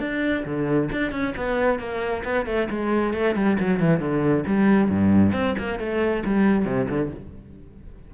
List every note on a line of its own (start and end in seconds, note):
0.00 0.44 D4
0.46 0.90 D3
0.92 1.12 D4
1.12 1.34 C#4
1.37 1.80 B3
1.80 2.24 A#3
2.25 2.46 B3
2.46 2.69 A3
2.71 3.14 G#3
3.14 3.35 A3
3.35 3.58 G3
3.60 3.80 F#3
3.80 4.00 E3
4.00 4.44 D3
4.47 4.90 G3
4.90 5.33 G2
5.33 5.55 C4
5.59 5.79 A#3
5.79 6.24 A3
6.26 6.66 G3
6.66 6.88 C3
6.89 7.11 D3